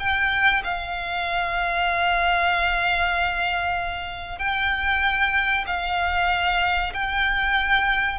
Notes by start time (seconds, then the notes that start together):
0.00 G5
0.64 F5
4.39 G5
5.67 F5
6.94 G5